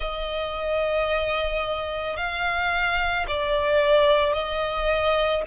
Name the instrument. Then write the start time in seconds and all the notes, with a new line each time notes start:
violin
0.00 D#5
2.16 F5
3.27 D5
4.33 D#5